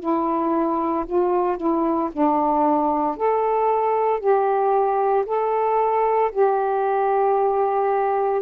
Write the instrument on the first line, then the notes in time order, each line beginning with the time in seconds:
saxophone
0.00 E4
1.06 F4
1.57 E4
2.12 D4
3.17 A4
4.20 G4
5.26 A4
6.32 G4